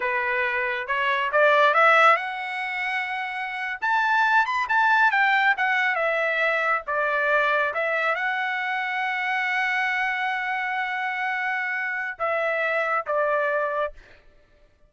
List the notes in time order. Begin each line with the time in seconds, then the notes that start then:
0.00 B4
0.87 C#5
1.31 D5
1.74 E5
2.16 F#5
3.81 A5
4.45 B5
4.69 A5
5.11 G5
5.57 F#5
5.95 E5
6.86 D5
7.74 E5
8.15 F#5
12.18 E5
13.06 D5